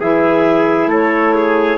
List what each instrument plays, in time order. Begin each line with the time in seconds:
0.00 bassoon E3, clarinet E4 E5, trumpet G#4
0.86 bassoon A3, trumpet A4, clarinet C#5
1.35 trumpet G#4